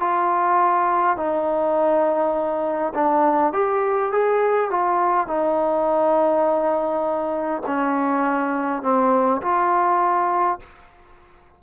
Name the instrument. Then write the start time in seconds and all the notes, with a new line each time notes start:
trombone
0.00 F4
1.17 D#4
2.94 D4
3.53 G4
4.12 G#4
4.71 F4
5.27 D#4
7.66 C#4
8.82 C4
9.41 F4